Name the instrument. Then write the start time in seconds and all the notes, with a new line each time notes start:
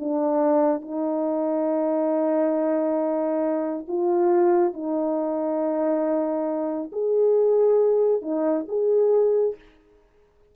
horn
0.00 D4
0.82 D#4
3.88 F4
4.74 D#4
6.92 G#4
8.22 D#4
8.69 G#4